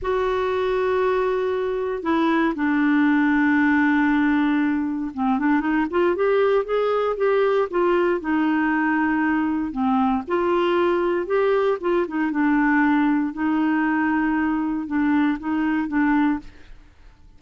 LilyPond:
\new Staff \with { instrumentName = "clarinet" } { \time 4/4 \tempo 4 = 117 fis'1 | e'4 d'2.~ | d'2 c'8 d'8 dis'8 f'8 | g'4 gis'4 g'4 f'4 |
dis'2. c'4 | f'2 g'4 f'8 dis'8 | d'2 dis'2~ | dis'4 d'4 dis'4 d'4 | }